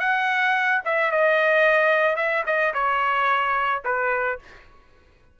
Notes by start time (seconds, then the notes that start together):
0.00 F#5
0.85 E5
1.12 D#5
2.17 E5
2.46 D#5
2.74 C#5
3.85 B4